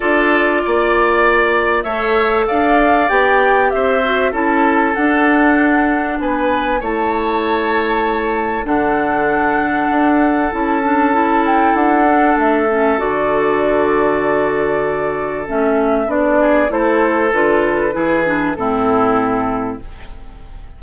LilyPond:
<<
  \new Staff \with { instrumentName = "flute" } { \time 4/4 \tempo 4 = 97 d''2. e''4 | f''4 g''4 e''4 a''4 | fis''2 gis''4 a''4~ | a''2 fis''2~ |
fis''4 a''4. g''8 fis''4 | e''4 d''2.~ | d''4 e''4 d''4 c''4 | b'2 a'2 | }
  \new Staff \with { instrumentName = "oboe" } { \time 4/4 a'4 d''2 cis''4 | d''2 c''4 a'4~ | a'2 b'4 cis''4~ | cis''2 a'2~ |
a'1~ | a'1~ | a'2~ a'8 gis'8 a'4~ | a'4 gis'4 e'2 | }
  \new Staff \with { instrumentName = "clarinet" } { \time 4/4 f'2. a'4~ | a'4 g'4. fis'8 e'4 | d'2. e'4~ | e'2 d'2~ |
d'4 e'8 d'8 e'4. d'8~ | d'8 cis'8 fis'2.~ | fis'4 cis'4 d'4 e'4 | f'4 e'8 d'8 c'2 | }
  \new Staff \with { instrumentName = "bassoon" } { \time 4/4 d'4 ais2 a4 | d'4 b4 c'4 cis'4 | d'2 b4 a4~ | a2 d2 |
d'4 cis'2 d'4 | a4 d2.~ | d4 a4 b4 a4 | d4 e4 a,2 | }
>>